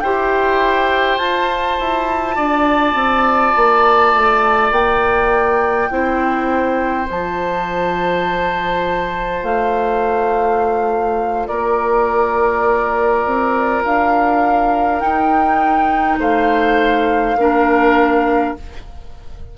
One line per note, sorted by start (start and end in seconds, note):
0.00 1.17 E4
0.00 1.19 G4
0.00 2.35 C5
0.00 1.18 G5
1.17 1.76 F4
1.17 5.89 F4
1.17 4.71 A5
1.79 2.37 E4
2.35 2.94 D4
2.35 5.88 D5
2.94 3.53 C4
3.55 4.13 A#3
4.13 4.71 A3
4.71 5.88 A#3
4.71 7.07 G5
5.89 7.08 C4
5.89 7.06 E4
5.89 11.48 C5
7.06 9.42 F3
7.06 14.99 F4
7.06 9.43 A5
9.42 11.48 A3
9.42 11.47 F5
11.47 13.25 A#3
11.47 16.18 A#4
11.47 13.82 D5
13.25 13.84 C4
13.84 15.01 D4
13.84 15.00 F5
14.99 17.35 D#4
14.99 16.17 D#4
14.99 16.17 G5
16.17 17.35 A3
16.17 17.37 C5
16.17 18.56 F5
17.35 18.53 A#3
17.35 18.57 D4
17.35 18.57 A#4